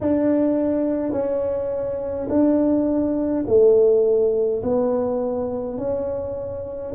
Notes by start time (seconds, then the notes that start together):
0.00 D4
1.12 C#4
2.29 D4
3.47 A3
4.62 B3
5.77 C#4